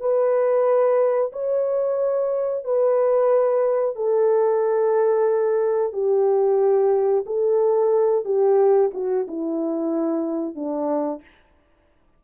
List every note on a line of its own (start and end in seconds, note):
0.00 1.32 B4
1.33 2.64 C#5
2.64 3.96 B4
3.96 5.93 A4
5.93 7.25 G4
7.26 8.25 A4
8.25 8.91 G4
8.94 9.27 F#4
9.28 10.56 E4
10.56 11.21 D4